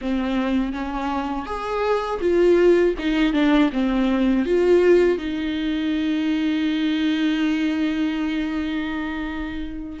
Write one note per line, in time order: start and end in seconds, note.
0.01 0.72 C4
0.72 1.46 C#4
1.46 2.20 G#4
2.20 2.94 F4
2.98 3.33 D#4
3.33 3.70 D4
3.72 4.45 C4
4.45 5.18 F4
5.18 9.99 D#4